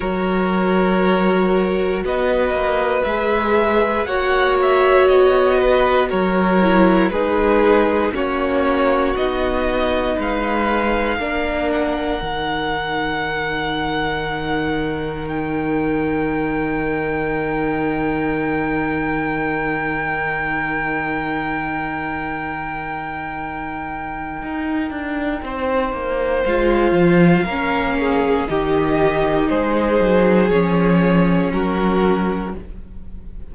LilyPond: <<
  \new Staff \with { instrumentName = "violin" } { \time 4/4 \tempo 4 = 59 cis''2 dis''4 e''4 | fis''8 e''8 dis''4 cis''4 b'4 | cis''4 dis''4 f''4. fis''8~ | fis''2. g''4~ |
g''1~ | g''1~ | g''2 f''2 | dis''4 c''4 cis''4 ais'4 | }
  \new Staff \with { instrumentName = "violin" } { \time 4/4 ais'2 b'2 | cis''4. b'8 ais'4 gis'4 | fis'2 b'4 ais'4~ | ais'1~ |
ais'1~ | ais'1~ | ais'4 c''2 ais'8 gis'8 | g'4 gis'2 fis'4 | }
  \new Staff \with { instrumentName = "viola" } { \time 4/4 fis'2. gis'4 | fis'2~ fis'8 e'8 dis'4 | cis'4 dis'2 d'4 | dis'1~ |
dis'1~ | dis'1~ | dis'2 f'4 cis'4 | dis'2 cis'2 | }
  \new Staff \with { instrumentName = "cello" } { \time 4/4 fis2 b8 ais8 gis4 | ais4 b4 fis4 gis4 | ais4 b4 gis4 ais4 | dis1~ |
dis1~ | dis1 | dis'8 d'8 c'8 ais8 gis8 f8 ais4 | dis4 gis8 fis8 f4 fis4 | }
>>